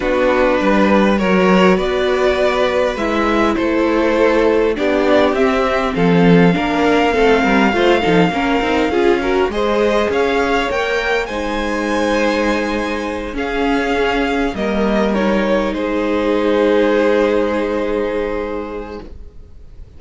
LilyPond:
<<
  \new Staff \with { instrumentName = "violin" } { \time 4/4 \tempo 4 = 101 b'2 cis''4 d''4~ | d''4 e''4 c''2 | d''4 e''4 f''2~ | f''1 |
dis''4 f''4 g''4 gis''4~ | gis''2~ gis''8 f''4.~ | f''8 dis''4 cis''4 c''4.~ | c''1 | }
  \new Staff \with { instrumentName = "violin" } { \time 4/4 fis'4 b'4 ais'4 b'4~ | b'2 a'2 | g'2 a'4 ais'4 | a'8 ais'8 c''8 a'8 ais'4 gis'8 ais'8 |
c''4 cis''2 c''4~ | c''2~ c''8 gis'4.~ | gis'8 ais'2 gis'4.~ | gis'1 | }
  \new Staff \with { instrumentName = "viola" } { \time 4/4 d'2 fis'2~ | fis'4 e'2. | d'4 c'2 d'4 | c'4 f'8 dis'8 cis'8 dis'8 f'8 fis'8 |
gis'2 ais'4 dis'4~ | dis'2~ dis'8 cis'4.~ | cis'8 ais4 dis'2~ dis'8~ | dis'1 | }
  \new Staff \with { instrumentName = "cello" } { \time 4/4 b4 g4 fis4 b4~ | b4 gis4 a2 | b4 c'4 f4 ais4 | a8 g8 a8 f8 ais8 c'8 cis'4 |
gis4 cis'4 ais4 gis4~ | gis2~ gis8 cis'4.~ | cis'8 g2 gis4.~ | gis1 | }
>>